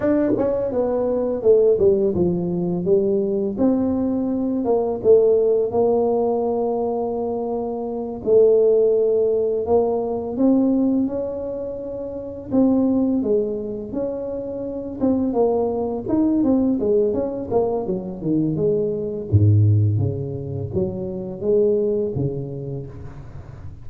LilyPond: \new Staff \with { instrumentName = "tuba" } { \time 4/4 \tempo 4 = 84 d'8 cis'8 b4 a8 g8 f4 | g4 c'4. ais8 a4 | ais2.~ ais8 a8~ | a4. ais4 c'4 cis'8~ |
cis'4. c'4 gis4 cis'8~ | cis'4 c'8 ais4 dis'8 c'8 gis8 | cis'8 ais8 fis8 dis8 gis4 gis,4 | cis4 fis4 gis4 cis4 | }